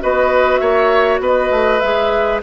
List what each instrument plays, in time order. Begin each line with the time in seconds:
0.00 bassoon B3, clarinet F#4, oboe B4, flute D#5
0.58 bassoon A#3, oboe C#5, flute E5
1.20 bassoon B3, oboe B4, flute D#5
1.51 bassoon A3
1.80 bassoon G#3, clarinet G#4, flute E5